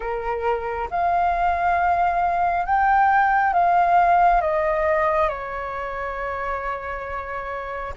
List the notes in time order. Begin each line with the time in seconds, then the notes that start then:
0.00 A#4
0.90 F5
2.65 G5
3.53 F5
4.41 D#5
5.28 C#5